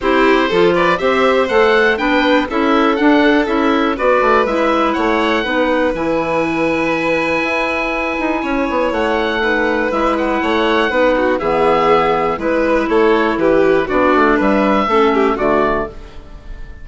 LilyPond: <<
  \new Staff \with { instrumentName = "oboe" } { \time 4/4 \tempo 4 = 121 c''4. d''8 e''4 fis''4 | g''4 e''4 fis''4 e''4 | d''4 e''4 fis''2 | gis''1~ |
gis''2 fis''2 | e''8 fis''2~ fis''8 e''4~ | e''4 b'4 cis''4 b'4 | d''4 e''2 d''4 | }
  \new Staff \with { instrumentName = "violin" } { \time 4/4 g'4 a'8 b'8 c''2 | b'4 a'2. | b'2 cis''4 b'4~ | b'1~ |
b'4 cis''2 b'4~ | b'4 cis''4 b'8 fis'8 gis'4~ | gis'4 b'4 a'4 g'4 | fis'4 b'4 a'8 g'8 fis'4 | }
  \new Staff \with { instrumentName = "clarinet" } { \time 4/4 e'4 f'4 g'4 a'4 | d'4 e'4 d'4 e'4 | fis'4 e'2 dis'4 | e'1~ |
e'2. dis'4 | e'2 dis'4 b4~ | b4 e'2. | d'2 cis'4 a4 | }
  \new Staff \with { instrumentName = "bassoon" } { \time 4/4 c'4 f4 c'4 a4 | b4 cis'4 d'4 cis'4 | b8 a8 gis4 a4 b4 | e2. e'4~ |
e'8 dis'8 cis'8 b8 a2 | gis4 a4 b4 e4~ | e4 gis4 a4 e4 | b8 a8 g4 a4 d4 | }
>>